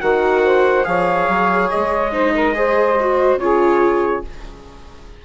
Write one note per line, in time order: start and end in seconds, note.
0.00 0.86 D#3
0.00 0.83 F#4
0.00 0.42 A#4
0.00 0.84 F#5
0.45 0.86 C5
0.83 1.28 F3
0.83 2.10 G#4
0.83 2.12 C#5
0.83 1.69 F5
1.28 1.70 F#3
1.70 3.36 G#3
1.70 3.39 D#5
2.12 2.54 D#4
2.12 2.33 C5
2.34 2.55 A#4
2.55 2.97 G#4
2.55 3.40 C5
3.00 3.39 F#4
3.36 4.20 C#3
3.36 4.24 F4
3.36 4.24 G#4
3.36 4.23 C#5